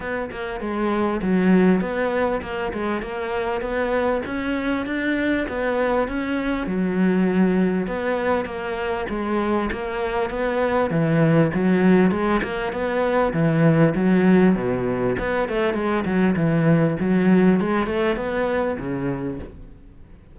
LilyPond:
\new Staff \with { instrumentName = "cello" } { \time 4/4 \tempo 4 = 99 b8 ais8 gis4 fis4 b4 | ais8 gis8 ais4 b4 cis'4 | d'4 b4 cis'4 fis4~ | fis4 b4 ais4 gis4 |
ais4 b4 e4 fis4 | gis8 ais8 b4 e4 fis4 | b,4 b8 a8 gis8 fis8 e4 | fis4 gis8 a8 b4 cis4 | }